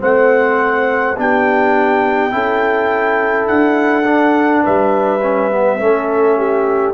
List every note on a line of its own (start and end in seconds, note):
0.00 1.18 A3
0.00 1.15 C4
0.00 1.16 C5
0.00 1.17 F#5
1.17 2.32 B3
1.17 2.31 D4
1.17 2.33 G4
1.17 3.48 G5
2.31 3.48 C#4
2.31 4.04 E4
2.31 4.63 A4
3.48 4.64 D4
3.48 4.63 F#5
4.05 5.20 D4
4.63 5.79 G3
4.63 5.78 B4
4.63 6.94 E5
5.22 5.51 C#4
5.51 5.79 B3
5.79 6.94 A3
5.79 6.94 C#4
5.79 6.37 A4
6.37 6.94 G4